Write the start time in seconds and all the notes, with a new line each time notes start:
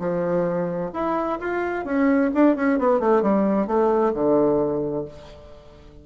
0.00 F3
0.94 E4
1.40 F4
1.86 C#4
2.35 D4
2.56 C#4
2.79 B3
3.00 A3
3.23 G3
3.68 A3
4.14 D3